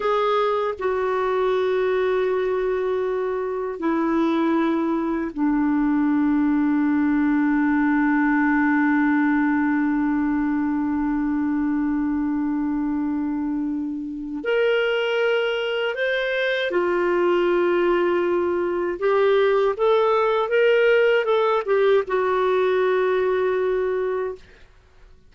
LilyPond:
\new Staff \with { instrumentName = "clarinet" } { \time 4/4 \tempo 4 = 79 gis'4 fis'2.~ | fis'4 e'2 d'4~ | d'1~ | d'1~ |
d'2. ais'4~ | ais'4 c''4 f'2~ | f'4 g'4 a'4 ais'4 | a'8 g'8 fis'2. | }